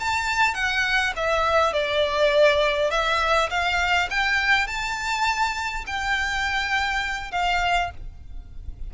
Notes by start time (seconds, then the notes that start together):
0.00 A5
0.55 F#5
1.16 E5
1.73 D5
2.91 E5
3.50 F5
4.11 G5
4.67 A5
5.87 G5
7.32 F5